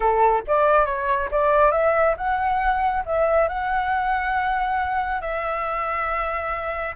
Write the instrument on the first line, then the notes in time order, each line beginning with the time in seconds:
flute
0.00 A4
0.47 D5
0.85 C#5
1.31 D5
1.71 E5
2.17 F#5
3.05 E5
3.48 F#5
5.21 E5